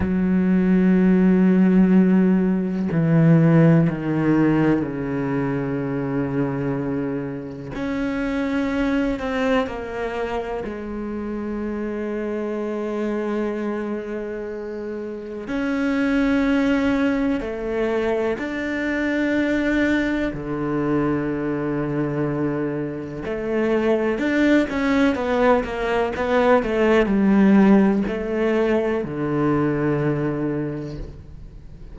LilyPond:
\new Staff \with { instrumentName = "cello" } { \time 4/4 \tempo 4 = 62 fis2. e4 | dis4 cis2. | cis'4. c'8 ais4 gis4~ | gis1 |
cis'2 a4 d'4~ | d'4 d2. | a4 d'8 cis'8 b8 ais8 b8 a8 | g4 a4 d2 | }